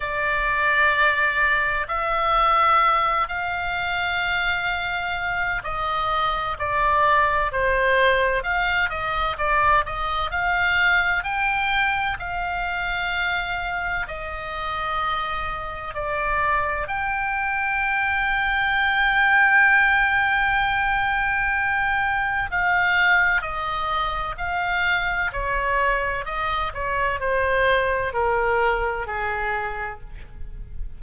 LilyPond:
\new Staff \with { instrumentName = "oboe" } { \time 4/4 \tempo 4 = 64 d''2 e''4. f''8~ | f''2 dis''4 d''4 | c''4 f''8 dis''8 d''8 dis''8 f''4 | g''4 f''2 dis''4~ |
dis''4 d''4 g''2~ | g''1 | f''4 dis''4 f''4 cis''4 | dis''8 cis''8 c''4 ais'4 gis'4 | }